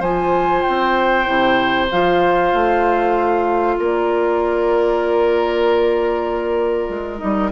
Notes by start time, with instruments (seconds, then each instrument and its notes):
0.00 bassoon F3, clarinet F4, oboe C5, flute G#5
0.62 flute G5
0.68 bassoon C4
1.26 bassoon C3, clarinet E4
1.91 bassoon F3, clarinet F4, flute F5
2.54 bassoon A3
3.79 bassoon A#3, oboe A#4, flute D5
6.89 bassoon G#3
7.18 bassoon G3, clarinet D#4, flute D#5